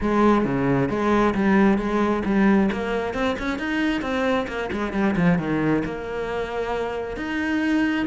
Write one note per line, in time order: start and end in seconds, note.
0.00 0.44 G#3
0.44 0.89 C#3
0.89 1.34 G#3
1.34 1.77 G3
1.77 2.22 G#3
2.25 2.70 G3
2.72 3.13 A#3
3.13 3.36 C4
3.38 3.59 C#4
3.59 4.01 D#4
4.01 4.46 C4
4.47 4.69 A#3
4.72 4.93 G#3
4.93 5.15 G3
5.16 5.38 F3
5.38 5.83 D#3
5.85 7.16 A#3
7.16 8.06 D#4